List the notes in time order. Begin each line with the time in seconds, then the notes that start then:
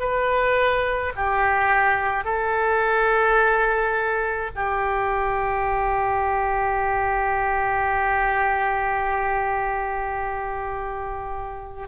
0.00 B4
1.16 G4
2.25 A4
4.56 G4